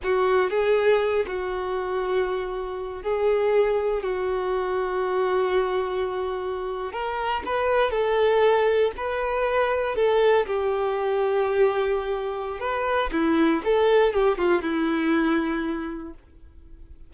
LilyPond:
\new Staff \with { instrumentName = "violin" } { \time 4/4 \tempo 4 = 119 fis'4 gis'4. fis'4.~ | fis'2 gis'2 | fis'1~ | fis'4.~ fis'16 ais'4 b'4 a'16~ |
a'4.~ a'16 b'2 a'16~ | a'8. g'2.~ g'16~ | g'4 b'4 e'4 a'4 | g'8 f'8 e'2. | }